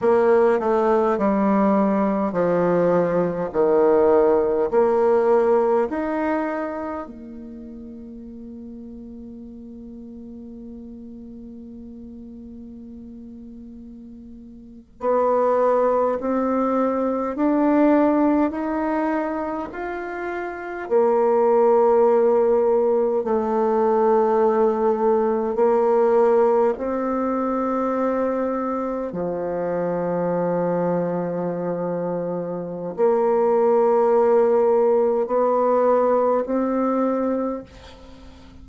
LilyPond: \new Staff \with { instrumentName = "bassoon" } { \time 4/4 \tempo 4 = 51 ais8 a8 g4 f4 dis4 | ais4 dis'4 ais2~ | ais1~ | ais8. b4 c'4 d'4 dis'16~ |
dis'8. f'4 ais2 a16~ | a4.~ a16 ais4 c'4~ c'16~ | c'8. f2.~ f16 | ais2 b4 c'4 | }